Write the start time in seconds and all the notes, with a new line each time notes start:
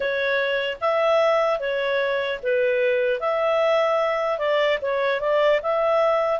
0.00 C#5
0.80 E5
1.59 C#5
2.43 B4
3.20 E5
4.38 D5
4.81 C#5
5.20 D5
5.62 E5